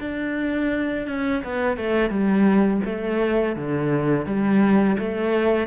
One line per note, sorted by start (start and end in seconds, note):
0.00 1.07 D4
1.07 1.43 C#4
1.44 1.77 B3
1.77 2.09 A3
2.09 2.81 G3
2.85 3.56 A3
3.56 4.25 D3
4.25 4.97 G3
4.98 5.67 A3